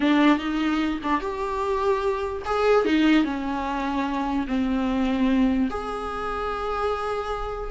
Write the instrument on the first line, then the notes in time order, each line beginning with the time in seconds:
viola
0.00 D4
0.38 D#4
1.03 D4
1.20 G4
2.45 G#4
2.85 D#4
3.24 C#4
4.47 C4
5.70 G#4